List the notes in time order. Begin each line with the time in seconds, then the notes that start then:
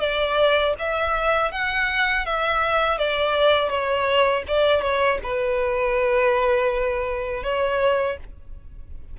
0.00 D5
0.79 E5
1.52 F#5
2.26 E5
2.98 D5
3.69 C#5
4.48 D5
4.81 C#5
5.23 B4
7.43 C#5